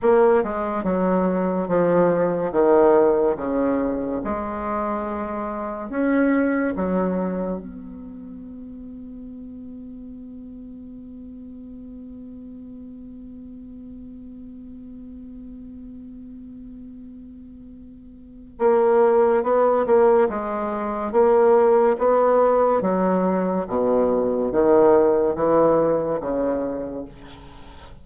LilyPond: \new Staff \with { instrumentName = "bassoon" } { \time 4/4 \tempo 4 = 71 ais8 gis8 fis4 f4 dis4 | cis4 gis2 cis'4 | fis4 b2.~ | b1~ |
b1~ | b2 ais4 b8 ais8 | gis4 ais4 b4 fis4 | b,4 dis4 e4 cis4 | }